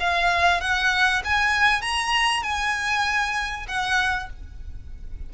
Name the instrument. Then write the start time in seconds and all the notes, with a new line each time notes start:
violin
0.00 F5
0.60 F#5
1.24 G#5
1.81 A#5
2.42 G#5
3.68 F#5